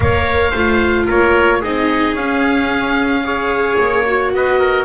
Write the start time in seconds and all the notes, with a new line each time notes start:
0.00 A#3 A#4 C#5 F5
0.50 A3 F4 C5
1.06 A#3 A#4 C#5
1.60 C4 D#4 G#4 D#5
2.13 C#4 F5
3.23 G#4 C#5
3.77 A#3 C#5
4.06 F#4
4.33 B3 B4 D#5
4.59 A#4